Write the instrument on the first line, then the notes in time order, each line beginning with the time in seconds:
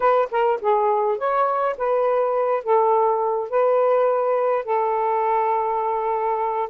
saxophone
0.00 B4
0.31 A#4
0.61 G#4
1.18 C#5
1.77 B4
2.63 A4
3.49 B4
4.64 A4